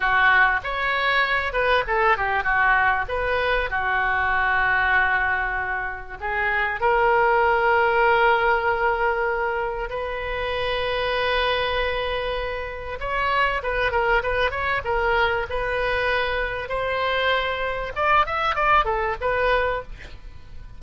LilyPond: \new Staff \with { instrumentName = "oboe" } { \time 4/4 \tempo 4 = 97 fis'4 cis''4. b'8 a'8 g'8 | fis'4 b'4 fis'2~ | fis'2 gis'4 ais'4~ | ais'1 |
b'1~ | b'4 cis''4 b'8 ais'8 b'8 cis''8 | ais'4 b'2 c''4~ | c''4 d''8 e''8 d''8 a'8 b'4 | }